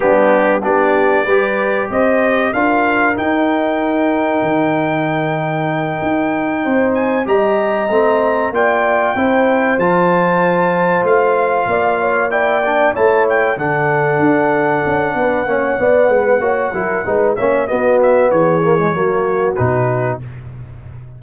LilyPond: <<
  \new Staff \with { instrumentName = "trumpet" } { \time 4/4 \tempo 4 = 95 g'4 d''2 dis''4 | f''4 g''2.~ | g''2. gis''8 ais''8~ | ais''4. g''2 a''8~ |
a''4. f''2 g''8~ | g''8 a''8 g''8 fis''2~ fis''8~ | fis''2.~ fis''8 e''8 | dis''8 e''8 cis''2 b'4 | }
  \new Staff \with { instrumentName = "horn" } { \time 4/4 d'4 g'4 b'4 c''4 | ais'1~ | ais'2~ ais'8 c''4 dis''8~ | dis''4. d''4 c''4.~ |
c''2~ c''8 d''8 cis''8 d''8~ | d''8 cis''4 a'2~ a'8 | b'8 cis''8 d''8 b'8 cis''8 ais'8 b'8 cis''8 | fis'4 gis'4 fis'2 | }
  \new Staff \with { instrumentName = "trombone" } { \time 4/4 b4 d'4 g'2 | f'4 dis'2.~ | dis'2.~ dis'8 g'8~ | g'8 c'4 f'4 e'4 f'8~ |
f'2.~ f'8 e'8 | d'8 e'4 d'2~ d'8~ | d'8 cis'8 b4 fis'8 e'8 dis'8 cis'8 | b4. ais16 gis16 ais4 dis'4 | }
  \new Staff \with { instrumentName = "tuba" } { \time 4/4 g4 b4 g4 c'4 | d'4 dis'2 dis4~ | dis4. dis'4 c'4 g8~ | g8 a4 ais4 c'4 f8~ |
f4. a4 ais4.~ | ais8 a4 d4 d'4 cis'8 | b8 ais8 b8 gis8 ais8 fis8 gis8 ais8 | b4 e4 fis4 b,4 | }
>>